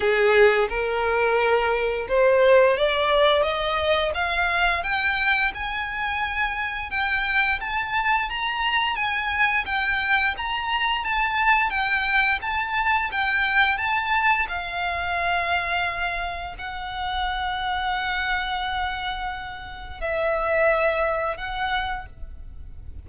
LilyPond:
\new Staff \with { instrumentName = "violin" } { \time 4/4 \tempo 4 = 87 gis'4 ais'2 c''4 | d''4 dis''4 f''4 g''4 | gis''2 g''4 a''4 | ais''4 gis''4 g''4 ais''4 |
a''4 g''4 a''4 g''4 | a''4 f''2. | fis''1~ | fis''4 e''2 fis''4 | }